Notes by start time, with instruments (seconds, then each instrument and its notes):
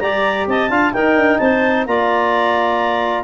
0.00 tuba G3, trombone G4, clarinet D5 A#5
0.47 tuba C4, clarinet D#5 A5
0.70 tuba D4, trombone F4, clarinet F5
0.93 tuba D#4, trombone D#4, clarinet A#4 G5
1.16 tuba D4
1.39 tuba C4, clarinet C5 A5
1.86 tuba A#3, trombone F4, clarinet D5 A#5